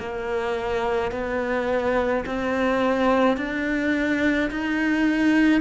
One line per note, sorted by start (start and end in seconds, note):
0.00 1.12 A#3
1.12 2.25 B3
2.26 3.38 C4
3.38 4.51 D4
4.51 5.61 D#4